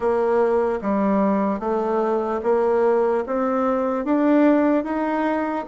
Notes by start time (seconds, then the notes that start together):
0.00 A#3
0.81 G3
1.59 A3
2.43 A#3
3.26 C4
4.04 D4
4.84 D#4